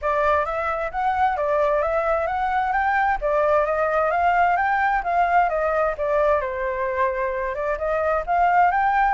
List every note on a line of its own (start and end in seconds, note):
0.01 0.45 D5
0.45 0.90 E5
0.91 1.36 F#5
1.36 1.82 D5
1.82 2.26 E5
2.26 2.72 F#5
2.72 3.18 G5
3.21 3.65 D5
3.65 4.10 D#5
4.10 4.56 F5
4.56 5.02 G5
5.03 5.49 F5
5.49 5.94 D#5
5.97 6.40 D5
6.40 7.54 C5
7.54 7.77 D5
7.78 8.23 D#5
8.26 8.71 F5
8.71 9.14 G5